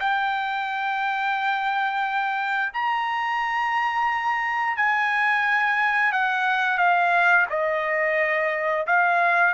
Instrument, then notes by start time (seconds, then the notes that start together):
trumpet
0.00 G5
2.74 A#5
4.77 G#5
6.12 F#5
6.78 F5
7.50 D#5
8.87 F5